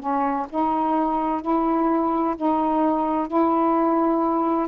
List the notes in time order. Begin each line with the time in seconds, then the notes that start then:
0.00 C#4
0.50 D#4
1.42 E4
2.37 D#4
3.28 E4